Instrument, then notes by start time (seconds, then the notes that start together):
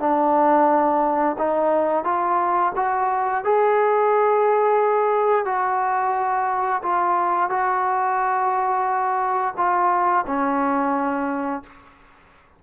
trombone
0.00 D4
1.39 D#4
2.05 F4
2.76 F#4
3.44 G#4
5.45 F#4
6.82 F4
7.50 F#4
9.57 F4
10.27 C#4